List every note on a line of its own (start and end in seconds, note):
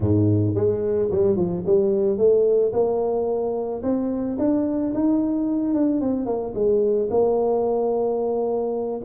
0.00 0.54 G#2
0.55 1.09 G#3
1.10 1.36 G3
1.36 1.63 F3
1.65 2.17 G3
2.17 2.72 A3
2.72 3.82 A#3
3.82 4.37 C4
4.38 4.92 D4
4.94 5.74 D#4
5.74 6.00 D4
6.00 6.26 C4
6.26 6.53 A#3
6.54 7.09 G#3
7.10 9.01 A#3